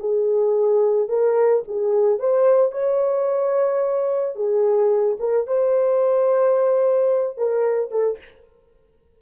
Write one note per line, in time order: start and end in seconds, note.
0.00 1.09 G#4
1.09 1.63 A#4
1.68 2.19 G#4
2.19 2.72 C5
2.72 4.36 C#5
4.36 5.17 G#4
5.20 5.47 A#4
5.47 7.37 C5
7.37 7.91 A#4
7.91 8.18 A4